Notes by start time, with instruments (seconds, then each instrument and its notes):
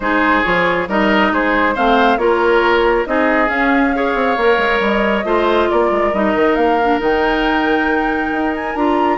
0.00 bassoon G#3, clarinet D#4, oboe G#4, flute C5
0.43 bassoon F3, clarinet F4, flute C#5
0.87 bassoon G3, clarinet D#4, oboe A#4, flute D#5
1.31 bassoon G#3, oboe G#4, flute C5
1.74 bassoon A3, clarinet C4, oboe C5, flute F5
2.17 bassoon A#3, clarinet F4, oboe A#4, flute C#5
3.06 bassoon C4, clarinet D#4, oboe G#4, flute D#5
3.47 clarinet C#4, bassoon C#4, flute F5
3.93 clarinet G#4, oboe C#5
4.14 bassoon C4
4.36 bassoon A#3, clarinet A#4
4.57 bassoon G#3
4.80 bassoon G3, flute D#5
5.24 bassoon A3, clarinet F4, oboe C5
5.70 bassoon A#3, oboe A#4, flute D5
5.91 bassoon G#3
6.13 bassoon G3, clarinet D#4, flute D#5
6.34 bassoon D#3
6.55 bassoon A#3, flute F5
6.82 clarinet D4
6.99 bassoon D#3, clarinet D#4, flute G5
8.31 bassoon D#4
8.55 flute G#5
8.75 bassoon D4, clarinet F4, flute A#5